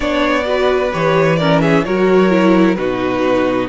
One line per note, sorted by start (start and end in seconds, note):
0.00 0.92 B3
0.00 0.43 D4
0.00 0.44 C#5
0.00 0.92 D5
0.45 0.91 F#4
0.45 1.38 B4
0.92 1.86 E3
0.92 1.38 G4
0.92 1.36 C#5
1.36 1.85 C#4
1.36 1.61 A#4
1.36 1.59 D5
1.61 1.84 G#4
1.61 1.84 E5
1.84 2.77 F#3
1.84 2.29 F#4
1.84 2.77 A#4
1.84 2.74 C#5
2.29 2.76 E4
2.74 3.69 B2
2.74 3.69 D#4
2.74 3.69 F#4
2.74 3.67 B4